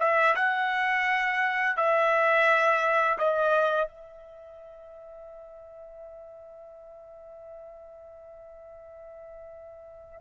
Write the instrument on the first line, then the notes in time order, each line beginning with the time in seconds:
trumpet
0.00 E5
0.36 F#5
1.77 E5
3.19 D#5
3.88 E5